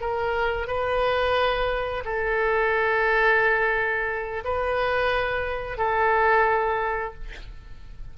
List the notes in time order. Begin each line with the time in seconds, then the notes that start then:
0.00 A#4
0.67 B4
2.05 A4
4.44 B4
5.77 A4